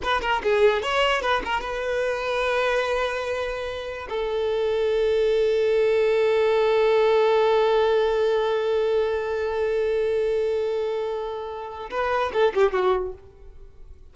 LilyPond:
\new Staff \with { instrumentName = "violin" } { \time 4/4 \tempo 4 = 146 b'8 ais'8 gis'4 cis''4 b'8 ais'8 | b'1~ | b'2 a'2~ | a'1~ |
a'1~ | a'1~ | a'1~ | a'4 b'4 a'8 g'8 fis'4 | }